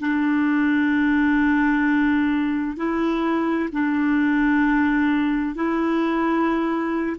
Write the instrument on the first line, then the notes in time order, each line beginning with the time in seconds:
clarinet
0.00 D4
2.77 E4
3.73 D4
5.55 E4